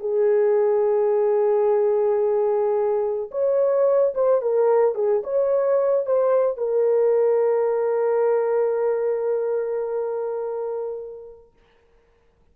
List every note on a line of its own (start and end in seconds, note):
0.00 3.30 G#4
3.31 4.14 C#5
4.14 4.42 C5
4.42 4.95 A#4
4.95 5.22 G#4
5.24 6.06 C#5
6.06 6.57 C5
6.57 11.53 A#4